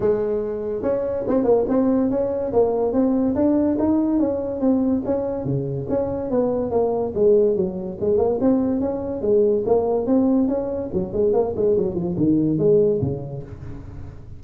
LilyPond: \new Staff \with { instrumentName = "tuba" } { \time 4/4 \tempo 4 = 143 gis2 cis'4 c'8 ais8 | c'4 cis'4 ais4 c'4 | d'4 dis'4 cis'4 c'4 | cis'4 cis4 cis'4 b4 |
ais4 gis4 fis4 gis8 ais8 | c'4 cis'4 gis4 ais4 | c'4 cis'4 fis8 gis8 ais8 gis8 | fis8 f8 dis4 gis4 cis4 | }